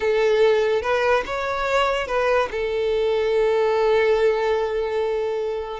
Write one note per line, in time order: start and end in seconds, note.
0.00 0.82 A4
0.82 1.23 B4
1.26 2.07 C#5
2.07 2.48 B4
2.51 5.80 A4